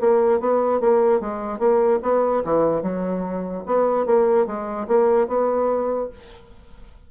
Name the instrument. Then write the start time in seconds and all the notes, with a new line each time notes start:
bassoon
0.00 A#3
0.40 B3
0.80 A#3
1.20 G#3
1.59 A#3
2.02 B3
2.44 E3
2.82 F#3
3.66 B3
4.06 A#3
4.46 G#3
4.87 A#3
5.27 B3